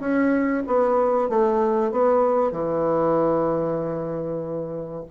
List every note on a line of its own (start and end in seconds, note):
0.00 0.63 C#4
0.67 1.29 B3
1.29 1.91 A3
1.91 2.51 B3
2.51 5.04 E3